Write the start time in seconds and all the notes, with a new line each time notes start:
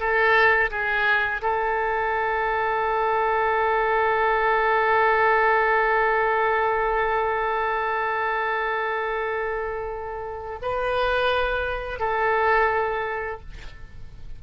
0.00 A4
0.71 G#4
1.42 A4
10.62 B4
12.00 A4